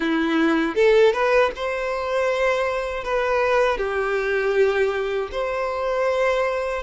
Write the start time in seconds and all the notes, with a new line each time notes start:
0.00 E4
0.75 A4
1.13 B4
1.55 C5
3.04 B4
3.77 G4
5.31 C5